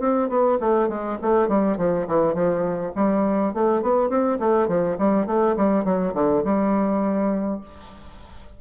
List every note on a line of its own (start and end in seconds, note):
0.00 0.29 C4
0.29 0.59 B3
0.61 0.89 A3
0.89 1.18 G#3
1.22 1.49 A3
1.49 1.77 G3
1.77 2.07 F3
2.08 2.34 E3
2.34 2.93 F3
2.95 3.54 G3
3.54 3.82 A3
3.82 4.10 B3
4.10 4.39 C4
4.40 4.68 A3
4.68 4.97 F3
4.98 5.27 G3
5.27 5.56 A3
5.57 5.85 G3
5.85 6.14 F#3
6.14 6.43 D3
6.44 7.61 G3